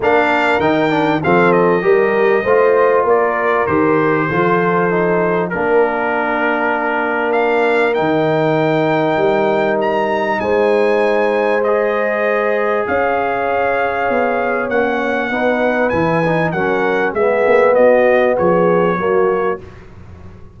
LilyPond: <<
  \new Staff \with { instrumentName = "trumpet" } { \time 4/4 \tempo 4 = 98 f''4 g''4 f''8 dis''4.~ | dis''4 d''4 c''2~ | c''4 ais'2. | f''4 g''2. |
ais''4 gis''2 dis''4~ | dis''4 f''2. | fis''2 gis''4 fis''4 | e''4 dis''4 cis''2 | }
  \new Staff \with { instrumentName = "horn" } { \time 4/4 ais'2 a'4 ais'4 | c''4 ais'2 a'4~ | a'4 ais'2.~ | ais'1~ |
ais'4 c''2.~ | c''4 cis''2.~ | cis''4 b'2 ais'4 | gis'4 fis'4 gis'4 fis'4 | }
  \new Staff \with { instrumentName = "trombone" } { \time 4/4 d'4 dis'8 d'8 c'4 g'4 | f'2 g'4 f'4 | dis'4 d'2.~ | d'4 dis'2.~ |
dis'2. gis'4~ | gis'1 | cis'4 dis'4 e'8 dis'8 cis'4 | b2. ais4 | }
  \new Staff \with { instrumentName = "tuba" } { \time 4/4 ais4 dis4 f4 g4 | a4 ais4 dis4 f4~ | f4 ais2.~ | ais4 dis2 g4~ |
g4 gis2.~ | gis4 cis'2 b4 | ais4 b4 e4 fis4 | gis8 ais8 b4 f4 fis4 | }
>>